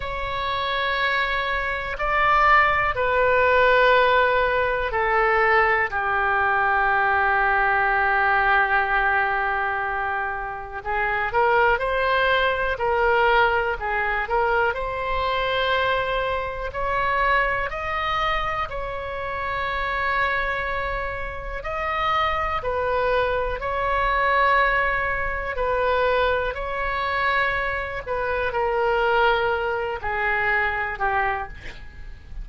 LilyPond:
\new Staff \with { instrumentName = "oboe" } { \time 4/4 \tempo 4 = 61 cis''2 d''4 b'4~ | b'4 a'4 g'2~ | g'2. gis'8 ais'8 | c''4 ais'4 gis'8 ais'8 c''4~ |
c''4 cis''4 dis''4 cis''4~ | cis''2 dis''4 b'4 | cis''2 b'4 cis''4~ | cis''8 b'8 ais'4. gis'4 g'8 | }